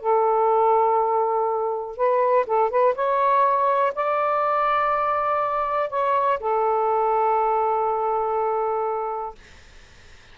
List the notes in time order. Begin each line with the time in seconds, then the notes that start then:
0.00 A4
1.96 B4
2.46 A4
2.70 B4
2.94 C#5
3.95 D5
5.89 C#5
6.40 A4